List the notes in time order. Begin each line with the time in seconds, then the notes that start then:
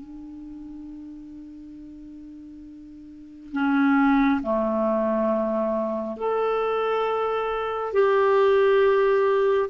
0.00 D4
3.53 C#4
4.43 A3
6.17 A4
7.93 G4